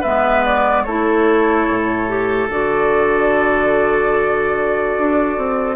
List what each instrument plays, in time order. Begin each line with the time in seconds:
0.00 bassoon G#3, clarinet B3, oboe B4, flute E5
0.45 flute D5
0.84 bassoon A3, clarinet E4, oboe A4, flute C#5
1.68 bassoon A2
2.07 clarinet G4
2.49 bassoon D3, clarinet F#4, flute D5
4.98 bassoon D4
5.37 bassoon C4